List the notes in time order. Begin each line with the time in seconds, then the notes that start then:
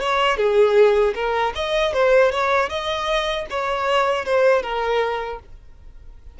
0.00 C#5
0.37 G#4
1.14 A#4
1.55 D#5
1.93 C5
2.31 C#5
2.69 D#5
3.50 C#5
4.24 C5
4.62 A#4